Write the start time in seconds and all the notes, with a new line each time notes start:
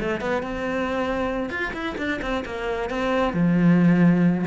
0.00 A3
0.21 B3
0.43 C4
1.50 F4
1.74 E4
1.98 D4
2.22 C4
2.46 A#3
2.90 C4
3.34 F3